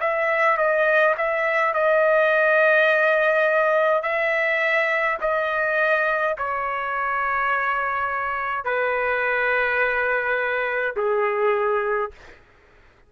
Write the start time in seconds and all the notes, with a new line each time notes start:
0.00 E5
0.57 D#5
1.17 E5
1.74 D#5
4.02 E5
5.21 D#5
6.38 C#5
8.64 B4
10.96 G#4